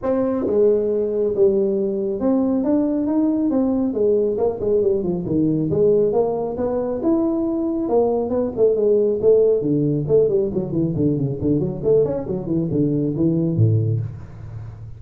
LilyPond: \new Staff \with { instrumentName = "tuba" } { \time 4/4 \tempo 4 = 137 c'4 gis2 g4~ | g4 c'4 d'4 dis'4 | c'4 gis4 ais8 gis8 g8 f8 | dis4 gis4 ais4 b4 |
e'2 ais4 b8 a8 | gis4 a4 d4 a8 g8 | fis8 e8 d8 cis8 d8 fis8 a8 cis'8 | fis8 e8 d4 e4 a,4 | }